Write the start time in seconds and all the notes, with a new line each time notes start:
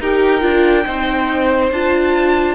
0.00 D#4 G4 A#4 G5
0.41 D4 F4
0.86 C4 D#4 C5
1.71 D4 F4 A5